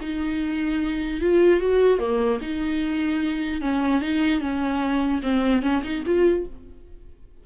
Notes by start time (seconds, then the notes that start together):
0.00 D#4
1.20 F4
1.60 F#4
1.99 A#3
2.41 D#4
3.61 C#4
4.01 D#4
4.40 C#4
5.22 C4
5.62 C#4
5.83 D#4
6.05 F4